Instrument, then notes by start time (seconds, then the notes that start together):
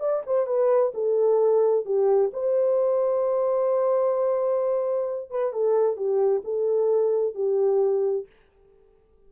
horn
0.00 D5
0.26 C5
0.47 B4
0.95 A4
1.86 G4
2.33 C5
5.30 B4
5.53 A4
5.97 G4
6.44 A4
7.35 G4